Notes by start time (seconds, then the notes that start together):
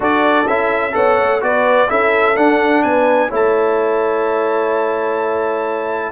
0.00 D4 F#4 A4 D5
0.47 C#4 E4 E5
0.91 B3 A4 C#5 F#5
1.18 A3
1.41 B3 F#4 B4 D5
1.88 C#4 E4 A4 E5
2.35 D4 F#5
2.82 B3 B4 G#5
3.28 A3 E4 C#5
3.34 A5